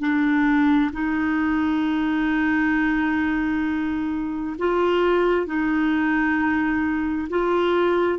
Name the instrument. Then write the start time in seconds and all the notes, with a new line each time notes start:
clarinet
0.00 D4
0.93 D#4
4.59 F4
5.47 D#4
7.30 F4